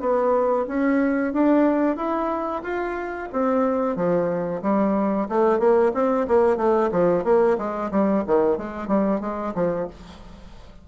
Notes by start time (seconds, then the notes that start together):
0.00 B3
0.67 C#4
1.33 D4
1.96 E4
2.63 F4
3.32 C4
3.96 F3
4.62 G3
5.28 A3
5.59 A#3
5.94 C4
6.27 A#3
6.57 A3
6.91 F3
7.24 A#3
7.58 G#3
7.91 G3
8.27 D#3
8.57 G#3
8.87 G3
9.20 G#3
9.55 F3